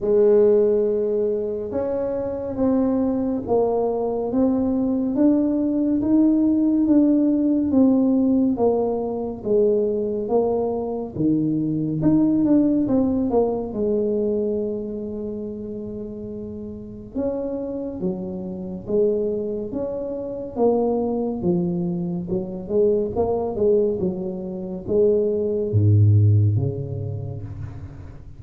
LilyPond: \new Staff \with { instrumentName = "tuba" } { \time 4/4 \tempo 4 = 70 gis2 cis'4 c'4 | ais4 c'4 d'4 dis'4 | d'4 c'4 ais4 gis4 | ais4 dis4 dis'8 d'8 c'8 ais8 |
gis1 | cis'4 fis4 gis4 cis'4 | ais4 f4 fis8 gis8 ais8 gis8 | fis4 gis4 gis,4 cis4 | }